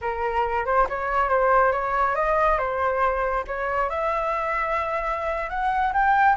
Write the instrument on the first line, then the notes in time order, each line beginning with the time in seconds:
flute
0.01 A#4
0.65 C5
0.89 C#5
1.29 C5
1.72 C#5
2.15 D#5
2.58 C5
3.47 C#5
3.89 E5
5.49 F#5
5.93 G5